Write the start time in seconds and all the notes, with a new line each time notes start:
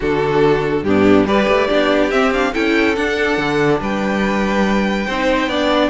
0.00 D3 D4 F#4 A4
0.83 G2 B3 D4 G4
1.24 G3 G4 B4 D5
1.48 A3
1.67 B3 D4 G4
2.10 C4 E5
2.32 D4 F5
2.53 C#4 E4 A4 G5
2.95 D4 F#5
3.37 D3
3.80 G3 B4 G5
5.06 C4 D#4 C5
5.47 B3 D4 D5